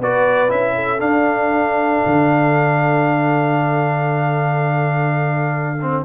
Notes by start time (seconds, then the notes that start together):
0.00 B3 F#4 B4 D5
0.49 C#4 E4 E5
0.75 A4
0.99 D4 F5
2.06 D3
5.82 C4